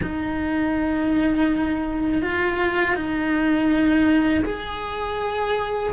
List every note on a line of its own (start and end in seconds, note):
0.02 2.22 D#4
2.22 2.95 F4
2.95 4.43 D#4
4.44 5.93 G#4